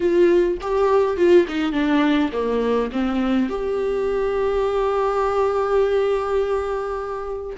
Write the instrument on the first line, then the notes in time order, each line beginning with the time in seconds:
viola
0.00 F4
0.61 G4
1.17 F4
1.47 D#4
1.72 D4
2.32 A#3
2.92 C4
3.49 G4